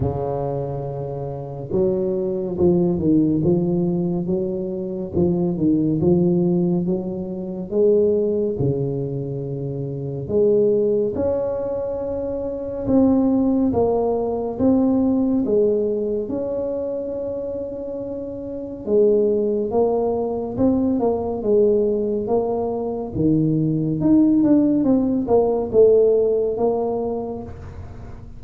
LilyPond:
\new Staff \with { instrumentName = "tuba" } { \time 4/4 \tempo 4 = 70 cis2 fis4 f8 dis8 | f4 fis4 f8 dis8 f4 | fis4 gis4 cis2 | gis4 cis'2 c'4 |
ais4 c'4 gis4 cis'4~ | cis'2 gis4 ais4 | c'8 ais8 gis4 ais4 dis4 | dis'8 d'8 c'8 ais8 a4 ais4 | }